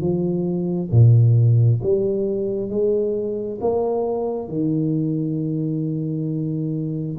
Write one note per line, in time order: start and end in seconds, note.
0.00 0.90 F3
0.91 1.81 A#2
1.83 2.69 G3
2.69 3.59 G#3
3.61 4.48 A#3
4.48 7.17 D#3